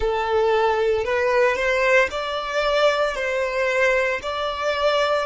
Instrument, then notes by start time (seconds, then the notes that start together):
violin
0.00 A4
1.04 B4
1.56 C5
2.11 D5
3.15 C5
4.22 D5